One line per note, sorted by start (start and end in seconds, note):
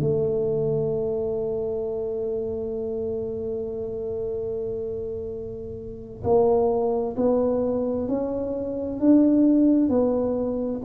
0.00 6.23 A3
6.23 7.15 A#3
7.16 8.08 B3
8.08 9.00 C#4
9.00 9.89 D4
9.89 10.81 B3